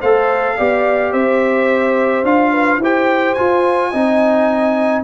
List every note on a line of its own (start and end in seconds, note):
0.00 0.59 A3
0.00 0.59 A4
0.00 0.56 C5
0.00 1.13 F5
0.57 1.13 B3
0.57 2.25 G4
0.57 1.13 D5
1.13 2.24 C4
1.13 2.52 C5
1.13 2.25 E5
2.24 2.78 D4
2.24 2.81 F4
2.24 2.81 F5
2.52 2.80 B4
2.78 3.34 E4
2.78 3.37 G4
2.78 3.91 C5
2.78 3.34 G5
3.34 3.93 F4
3.34 5.02 G#5
3.91 5.04 C4
3.91 5.04 D#4
3.91 5.04 D#5